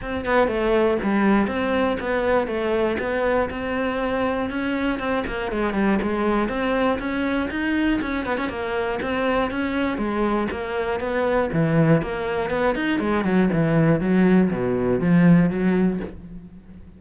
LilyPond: \new Staff \with { instrumentName = "cello" } { \time 4/4 \tempo 4 = 120 c'8 b8 a4 g4 c'4 | b4 a4 b4 c'4~ | c'4 cis'4 c'8 ais8 gis8 g8 | gis4 c'4 cis'4 dis'4 |
cis'8 b16 cis'16 ais4 c'4 cis'4 | gis4 ais4 b4 e4 | ais4 b8 dis'8 gis8 fis8 e4 | fis4 b,4 f4 fis4 | }